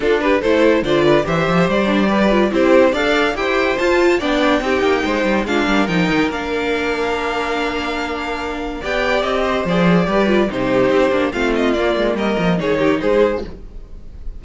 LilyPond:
<<
  \new Staff \with { instrumentName = "violin" } { \time 4/4 \tempo 4 = 143 a'8 b'8 c''4 d''4 e''4 | d''2 c''4 f''4 | g''4 a''4 g''2~ | g''4 f''4 g''4 f''4~ |
f''1~ | f''4 g''4 dis''4 d''4~ | d''4 c''2 f''8 dis''8 | d''4 dis''4 cis''4 c''4 | }
  \new Staff \with { instrumentName = "violin" } { \time 4/4 f'8 g'8 a'4 c''8 b'8 c''4~ | c''4 b'4 g'4 d''4 | c''2 d''4 g'4 | c''4 f'8 ais'2~ ais'8~ |
ais'1~ | ais'4 d''4. c''4. | b'4 g'2 f'4~ | f'4 ais'4 gis'8 g'8 gis'4 | }
  \new Staff \with { instrumentName = "viola" } { \time 4/4 d'4 e'4 f'4 g'4~ | g'8 d'8 g'8 f'8 e'4 a'4 | g'4 f'4 d'4 dis'4~ | dis'4 d'4 dis'4 d'4~ |
d'1~ | d'4 g'2 gis'4 | g'8 f'8 dis'4. d'8 c'4 | ais2 dis'2 | }
  \new Staff \with { instrumentName = "cello" } { \time 4/4 d'4 a4 d4 e8 f8 | g2 c'4 d'4 | e'4 f'4 b4 c'8 ais8 | gis8 g8 gis8 g8 f8 dis8 ais4~ |
ais1~ | ais4 b4 c'4 f4 | g4 c4 c'8 ais8 a4 | ais8 gis8 g8 f8 dis4 gis4 | }
>>